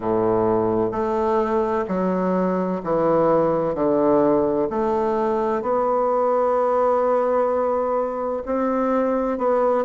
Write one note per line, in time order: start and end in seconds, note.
0.00 0.91 A2
0.91 1.85 A3
1.87 2.81 F#3
2.83 3.74 E3
3.74 4.68 D3
4.70 5.62 A3
5.62 8.43 B3
8.45 9.37 C4
9.37 9.84 B3